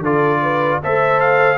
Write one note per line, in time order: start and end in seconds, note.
0.00 0.78 D3
0.00 0.82 F4
0.00 0.41 A4
0.00 0.82 D5
0.42 0.81 B4
0.83 1.57 A3
0.83 1.57 A4
0.83 1.57 C5
0.83 1.20 E5
1.20 1.57 F5